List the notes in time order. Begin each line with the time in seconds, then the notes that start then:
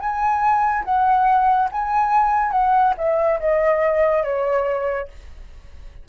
0.00 G#5
0.85 F#5
1.72 G#5
2.52 F#5
2.97 E5
3.40 D#5
4.23 C#5